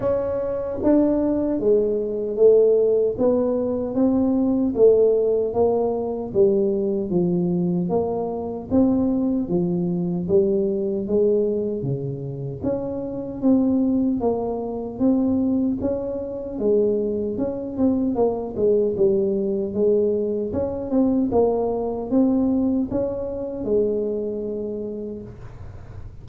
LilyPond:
\new Staff \with { instrumentName = "tuba" } { \time 4/4 \tempo 4 = 76 cis'4 d'4 gis4 a4 | b4 c'4 a4 ais4 | g4 f4 ais4 c'4 | f4 g4 gis4 cis4 |
cis'4 c'4 ais4 c'4 | cis'4 gis4 cis'8 c'8 ais8 gis8 | g4 gis4 cis'8 c'8 ais4 | c'4 cis'4 gis2 | }